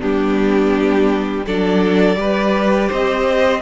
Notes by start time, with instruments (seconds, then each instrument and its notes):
0.00 cello G3, viola B3, violin D4 G4
1.45 cello F#3, viola D4, violin A4 D5
2.16 cello G3, viola G4, violin B4
2.88 cello C4, violin C5 D#5